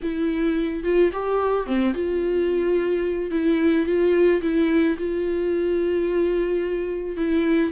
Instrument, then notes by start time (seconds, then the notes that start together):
viola
0.02 E4
0.83 F4
1.12 G4
1.66 C4
1.93 F4
3.31 E4
3.86 F4
4.41 E4
4.98 F4
7.16 E4